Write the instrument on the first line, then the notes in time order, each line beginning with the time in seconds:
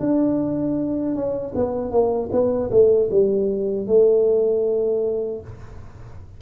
tuba
0.00 D4
1.15 C#4
1.55 B3
1.91 A#3
2.32 B3
2.71 A3
3.11 G3
3.87 A3